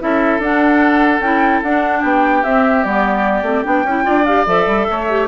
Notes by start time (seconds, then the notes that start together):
0.00 C#4 E4 A4 E5
0.39 D4 F#5
1.20 C#4 E4 G5
1.63 D4 F#5
2.01 B3 G4 G5
2.44 C4 E5
2.84 G3 B3 D5
3.43 A3 C4
3.65 B3 D4 G5
3.84 C#4 E4
4.03 D4 F4 D5
4.26 G4 F5
4.47 F3 A4 E5
4.67 G3
4.90 A3 C#5
5.09 G4